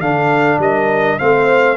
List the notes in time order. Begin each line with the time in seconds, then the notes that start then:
0.00 D3 D4 A4 F5
0.58 G3 A#4 D#5
1.19 A3 C4 C5 F5